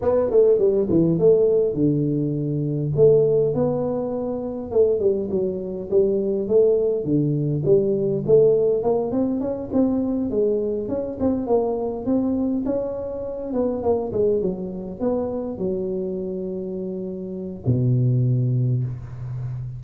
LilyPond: \new Staff \with { instrumentName = "tuba" } { \time 4/4 \tempo 4 = 102 b8 a8 g8 e8 a4 d4~ | d4 a4 b2 | a8 g8 fis4 g4 a4 | d4 g4 a4 ais8 c'8 |
cis'8 c'4 gis4 cis'8 c'8 ais8~ | ais8 c'4 cis'4. b8 ais8 | gis8 fis4 b4 fis4.~ | fis2 b,2 | }